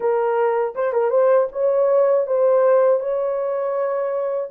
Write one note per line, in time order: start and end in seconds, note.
0.00 0.74 A#4
0.75 0.92 C5
0.92 1.10 A#4
1.10 1.47 C5
1.52 2.26 C#5
2.26 3.00 C5
3.00 4.50 C#5